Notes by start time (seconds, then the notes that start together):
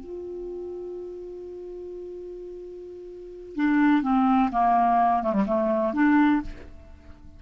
0.00 F4
3.56 D4
4.03 C4
4.52 A#3
5.23 A3
5.33 G3
5.47 A3
5.94 D4